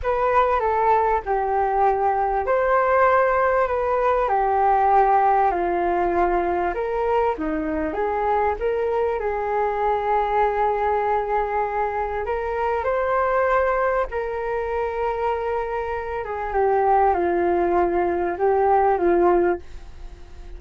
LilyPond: \new Staff \with { instrumentName = "flute" } { \time 4/4 \tempo 4 = 98 b'4 a'4 g'2 | c''2 b'4 g'4~ | g'4 f'2 ais'4 | dis'4 gis'4 ais'4 gis'4~ |
gis'1 | ais'4 c''2 ais'4~ | ais'2~ ais'8 gis'8 g'4 | f'2 g'4 f'4 | }